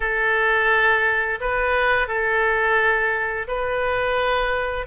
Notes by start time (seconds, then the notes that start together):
0.00 A4
1.40 B4
2.07 A4
3.47 B4